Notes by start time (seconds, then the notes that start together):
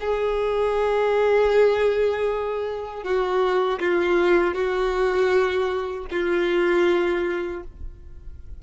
0.00 G#4
3.03 F#4
3.80 F4
4.54 F#4
6.11 F4